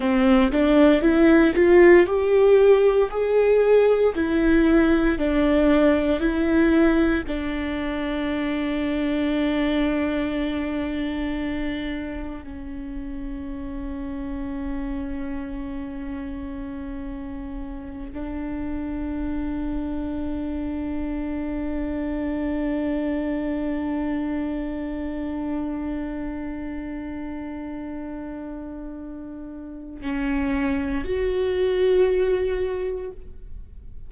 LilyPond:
\new Staff \with { instrumentName = "viola" } { \time 4/4 \tempo 4 = 58 c'8 d'8 e'8 f'8 g'4 gis'4 | e'4 d'4 e'4 d'4~ | d'1 | cis'1~ |
cis'4. d'2~ d'8~ | d'1~ | d'1~ | d'4 cis'4 fis'2 | }